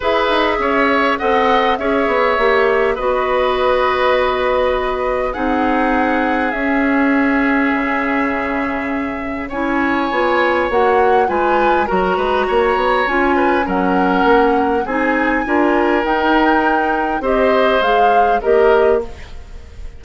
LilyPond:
<<
  \new Staff \with { instrumentName = "flute" } { \time 4/4 \tempo 4 = 101 e''2 fis''4 e''4~ | e''4 dis''2.~ | dis''4 fis''2 e''4~ | e''1 |
gis''2 fis''4 gis''4 | ais''2 gis''4 fis''4~ | fis''4 gis''2 g''4~ | g''4 dis''4 f''4 dis''4 | }
  \new Staff \with { instrumentName = "oboe" } { \time 4/4 b'4 cis''4 dis''4 cis''4~ | cis''4 b'2.~ | b'4 gis'2.~ | gis'1 |
cis''2. b'4 | ais'8 b'8 cis''4. b'8 ais'4~ | ais'4 gis'4 ais'2~ | ais'4 c''2 ais'4 | }
  \new Staff \with { instrumentName = "clarinet" } { \time 4/4 gis'2 a'4 gis'4 | g'4 fis'2.~ | fis'4 dis'2 cis'4~ | cis'1 |
e'4 f'4 fis'4 f'4 | fis'2 f'4 cis'4~ | cis'4 dis'4 f'4 dis'4~ | dis'4 g'4 gis'4 g'4 | }
  \new Staff \with { instrumentName = "bassoon" } { \time 4/4 e'8 dis'8 cis'4 c'4 cis'8 b8 | ais4 b2.~ | b4 c'2 cis'4~ | cis'4 cis2. |
cis'4 b4 ais4 gis4 | fis8 gis8 ais8 b8 cis'4 fis4 | ais4 c'4 d'4 dis'4~ | dis'4 c'4 gis4 ais4 | }
>>